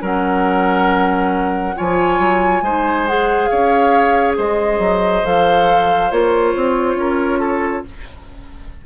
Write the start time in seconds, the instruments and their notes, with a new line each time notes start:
0.00 bassoon F#3, clarinet C#4, oboe A#4, flute F#5
1.75 bassoon F3, clarinet F4, oboe C#5, flute G#5
2.18 bassoon F#3
2.61 bassoon G#3, clarinet D#4, oboe C5
3.07 clarinet G#4, flute F#5
3.45 oboe C#5, flute F5
3.52 bassoon C#4
4.36 bassoon G#3, oboe C5, flute D#5
4.78 bassoon F#3
5.24 bassoon F3, clarinet A4, flute F5
6.11 bassoon A#3, clarinet F4, flute C#5
6.55 bassoon C4
6.95 bassoon C#4, oboe A#4
7.39 oboe A4